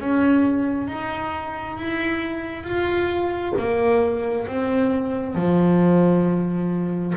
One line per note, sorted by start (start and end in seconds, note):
0.00 0.88 C#4
0.88 1.77 D#4
1.77 2.64 E4
2.64 3.53 F4
3.59 4.48 A#3
4.48 5.35 C4
5.35 7.14 F3